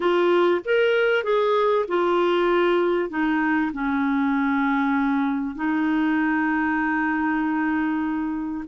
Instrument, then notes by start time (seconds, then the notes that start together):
clarinet
0.00 F4
0.64 A#4
1.23 G#4
1.88 F4
3.09 D#4
3.72 C#4
5.55 D#4